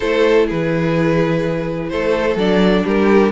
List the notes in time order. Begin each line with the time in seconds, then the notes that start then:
0.00 A3 E4 A4 C5
0.47 E3 G#4 B4
1.89 A3 A4 C5
2.35 F#3 D4 D5
2.84 G3 G4 A#4